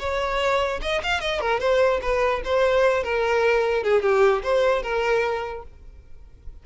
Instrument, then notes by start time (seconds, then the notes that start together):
violin
0.00 C#5
0.82 D#5
1.04 F5
1.21 D#5
1.41 A#4
1.60 C5
2.02 B4
2.45 C5
3.04 A#4
3.84 G#4
4.03 G4
4.43 C5
4.83 A#4